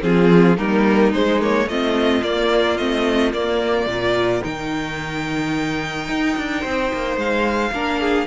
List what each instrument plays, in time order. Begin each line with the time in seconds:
0.00 cello F3, viola C4, violin F4 G#4
0.57 cello G3, viola A#3, violin D#4 A#4
1.12 cello G#3, viola G#3, violin C5
1.41 viola A#3, violin C#5
1.66 cello A3, viola C4, violin F4 D#5
2.23 cello A#3, viola A#3, violin D5
2.77 cello A3, viola C4, violin D#5
3.33 cello A#3, viola A#3, violin D5
3.86 cello A#2, viola F4, violin A#4
4.41 cello D#3, viola D#4, violin G5
6.08 cello D#4
6.37 cello D4
6.61 cello C4, violin C5
6.93 cello A#3
7.16 cello G#3, violin F5
7.72 cello A#3, viola D4, violin A#4
8.00 violin G#4